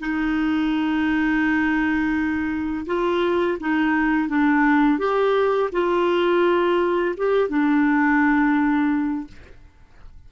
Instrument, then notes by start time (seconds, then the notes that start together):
clarinet
0.00 D#4
2.86 F4
3.60 D#4
4.29 D4
4.99 G4
5.72 F4
7.17 G4
7.49 D4